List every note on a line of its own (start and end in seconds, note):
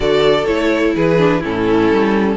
0.00 0.47 D3
0.00 0.45 F#4
0.00 0.95 A4
0.00 0.45 D5
0.45 0.95 A3
0.45 1.17 E4
0.45 0.93 C#5
0.95 1.43 E3
0.95 1.39 G#4
0.95 1.43 B4
1.17 1.41 D4
1.39 1.90 A2
1.39 2.36 C#4
1.39 2.35 E4
1.39 2.36 A4
1.90 2.36 G3